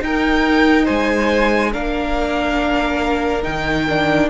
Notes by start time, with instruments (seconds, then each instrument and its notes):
0.00 viola D#4, cello D#4, violin A#4 G5
0.84 cello G#3, violin C5 G#5
1.71 cello A#3, viola D4, violin A#4 F5
3.42 cello D#3, viola D#4, violin G5
3.88 viola D4